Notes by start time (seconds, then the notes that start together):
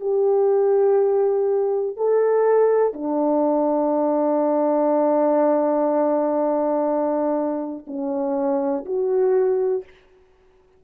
0.00 G4
1.96 A4
2.93 D4
7.86 C#4
8.85 F#4